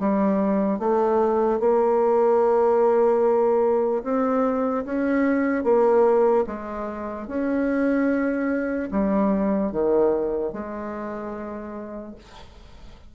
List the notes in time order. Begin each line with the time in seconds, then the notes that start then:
0.00 G3
0.79 A3
1.60 A#3
4.04 C4
4.85 C#4
5.64 A#3
6.47 G#3
7.28 C#4
8.91 G3
9.72 D#3
10.53 G#3